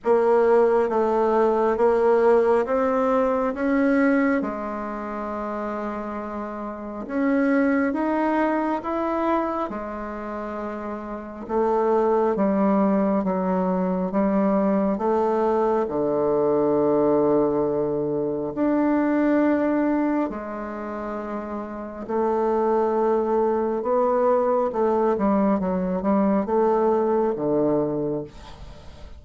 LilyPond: \new Staff \with { instrumentName = "bassoon" } { \time 4/4 \tempo 4 = 68 ais4 a4 ais4 c'4 | cis'4 gis2. | cis'4 dis'4 e'4 gis4~ | gis4 a4 g4 fis4 |
g4 a4 d2~ | d4 d'2 gis4~ | gis4 a2 b4 | a8 g8 fis8 g8 a4 d4 | }